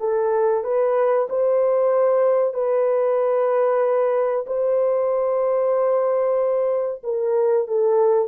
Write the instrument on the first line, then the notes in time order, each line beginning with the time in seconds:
horn
0.00 A4
0.64 B4
1.29 C5
2.54 B4
4.47 C5
7.04 A#4
7.67 A4